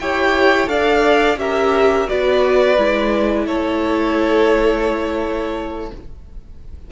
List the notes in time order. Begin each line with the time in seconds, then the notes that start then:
0.00 E4 G4 C#5 G5
0.67 D4 A4 D5 F5
1.37 C#4 G4 A#4 E5
2.07 B3 F#4 B4 D5
2.77 G#3 E4
3.46 A3 A4 C#5